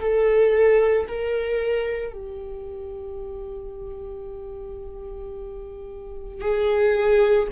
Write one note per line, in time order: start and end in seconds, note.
0.00 1.07 A4
1.08 2.13 A#4
2.13 6.41 G4
6.41 7.49 G#4